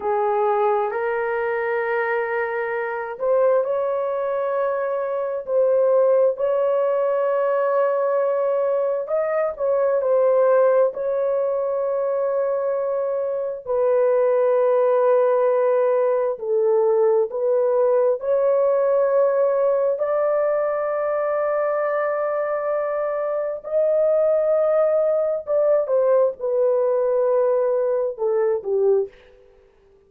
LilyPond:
\new Staff \with { instrumentName = "horn" } { \time 4/4 \tempo 4 = 66 gis'4 ais'2~ ais'8 c''8 | cis''2 c''4 cis''4~ | cis''2 dis''8 cis''8 c''4 | cis''2. b'4~ |
b'2 a'4 b'4 | cis''2 d''2~ | d''2 dis''2 | d''8 c''8 b'2 a'8 g'8 | }